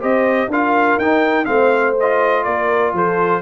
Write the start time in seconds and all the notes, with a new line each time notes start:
0.00 C4 G4 C5 D#5
0.48 D4 F4 A#4 F5
0.98 D#4 G5
1.45 A3 C4 C5 F5
2.00 F4 D#5
2.44 A#3 A#4 D5
2.93 F3 A4 C5